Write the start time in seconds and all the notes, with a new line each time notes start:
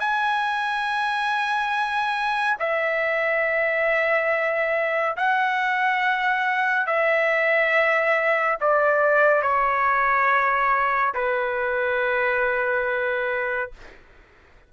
0.00 G#5
2.59 E5
5.17 F#5
6.86 E5
8.61 D5
9.42 C#5
11.14 B4